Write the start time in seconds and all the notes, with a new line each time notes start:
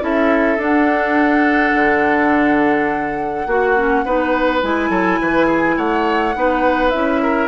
0.00 C#4 E4 A4 E5
0.57 D4 F#5
1.74 D3
3.46 A#3 F#4
3.75 C#4
4.05 B3 D#4 B4
4.61 G#3 E4 G#5
4.89 F#3 A4
5.21 E3 B4
5.46 G#4
5.76 A3 C#5 F#5
6.34 B3 D#4 B4
6.90 C#4 E4 E5
7.22 A#4